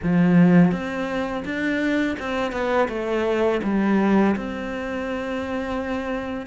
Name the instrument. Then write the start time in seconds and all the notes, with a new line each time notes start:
cello
0.02 F3
0.71 C4
1.44 D4
2.19 C4
2.51 B3
2.88 A3
3.63 G3
4.35 C4